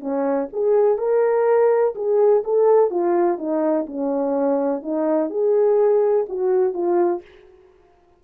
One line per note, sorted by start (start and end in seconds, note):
0.00 0.48 C#4
0.53 0.98 G#4
0.98 1.94 A#4
1.95 2.43 G#4
2.43 2.90 A4
2.90 3.38 F4
3.38 3.86 D#4
3.86 4.82 C#4
4.82 5.30 D#4
5.30 6.26 G#4
6.28 6.73 F#4
6.73 7.21 F4